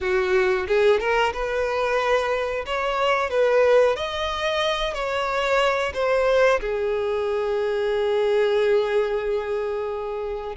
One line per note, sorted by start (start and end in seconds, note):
0.00 0.66 F#4
0.67 1.00 G#4
1.00 1.32 A#4
1.33 2.65 B4
2.66 3.30 C#5
3.30 3.96 B4
3.96 4.93 D#5
4.93 5.92 C#5
5.93 6.59 C5
6.60 10.56 G#4